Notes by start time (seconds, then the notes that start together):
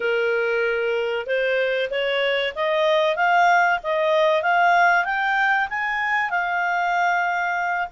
0.00 A#4
1.26 C5
1.90 C#5
2.55 D#5
3.16 F5
3.83 D#5
4.42 F5
5.04 G5
5.69 G#5
6.30 F5